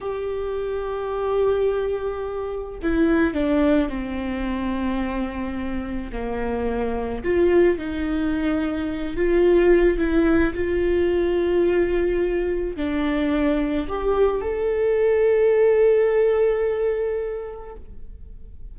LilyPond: \new Staff \with { instrumentName = "viola" } { \time 4/4 \tempo 4 = 108 g'1~ | g'4 e'4 d'4 c'4~ | c'2. ais4~ | ais4 f'4 dis'2~ |
dis'8 f'4. e'4 f'4~ | f'2. d'4~ | d'4 g'4 a'2~ | a'1 | }